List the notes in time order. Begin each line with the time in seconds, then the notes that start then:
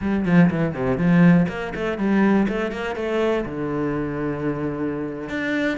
0.01 G3
0.25 F3
0.50 E3
0.74 C3
0.97 F3
1.48 A#3
1.75 A3
1.98 G3
2.48 A3
2.71 A#3
2.95 A3
3.45 D3
5.29 D4